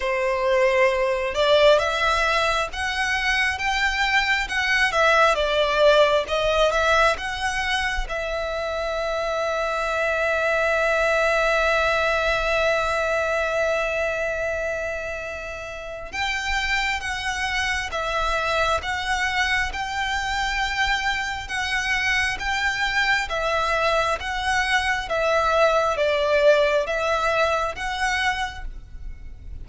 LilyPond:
\new Staff \with { instrumentName = "violin" } { \time 4/4 \tempo 4 = 67 c''4. d''8 e''4 fis''4 | g''4 fis''8 e''8 d''4 dis''8 e''8 | fis''4 e''2.~ | e''1~ |
e''2 g''4 fis''4 | e''4 fis''4 g''2 | fis''4 g''4 e''4 fis''4 | e''4 d''4 e''4 fis''4 | }